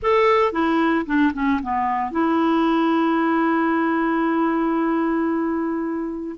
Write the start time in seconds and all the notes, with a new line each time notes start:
0.02 A4
0.52 E4
1.06 D4
1.33 C#4
1.62 B3
2.11 E4